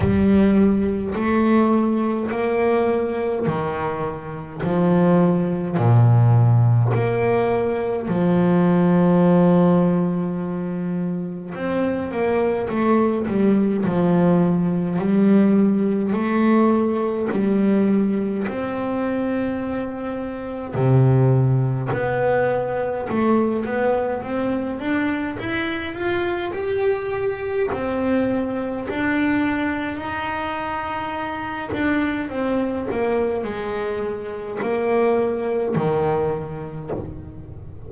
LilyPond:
\new Staff \with { instrumentName = "double bass" } { \time 4/4 \tempo 4 = 52 g4 a4 ais4 dis4 | f4 ais,4 ais4 f4~ | f2 c'8 ais8 a8 g8 | f4 g4 a4 g4 |
c'2 c4 b4 | a8 b8 c'8 d'8 e'8 f'8 g'4 | c'4 d'4 dis'4. d'8 | c'8 ais8 gis4 ais4 dis4 | }